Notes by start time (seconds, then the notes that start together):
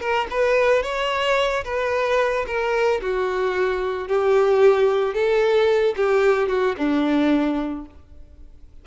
0.00 A#4
0.30 B4
0.83 C#5
1.64 B4
2.46 A#4
3.01 F#4
4.07 G4
5.14 A4
5.96 G4
6.48 F#4
6.77 D4